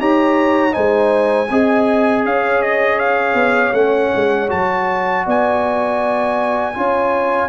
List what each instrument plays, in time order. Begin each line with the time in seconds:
0.00 tuba D#4, trombone G4, horn C#5, trumpet A#5
0.72 tuba G#3, trombone D#4, horn C5, trumpet G#5
1.50 tuba C4, trombone G#4, horn D#5
2.25 tuba C#4, horn C#5, trumpet F5
2.62 trumpet D#5
2.99 trumpet F5
3.35 tuba B3
3.74 tuba A3, trombone C#4, trumpet F#5
4.15 tuba G#3
4.49 tuba F#3, trombone F#4, trumpet A5
5.26 tuba B3, horn D5, trumpet G#5
6.75 tuba C#4, trombone F4, horn C#5